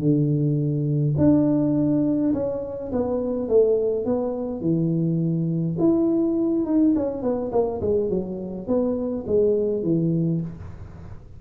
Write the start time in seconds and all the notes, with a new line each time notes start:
0.00 D3
1.18 D4
2.34 C#4
2.93 B3
3.49 A3
4.06 B3
4.62 E3
5.79 E4
6.66 D#4
6.96 C#4
7.23 B3
7.53 A#3
7.81 G#3
8.10 F#3
8.68 B3
9.27 G#3
9.83 E3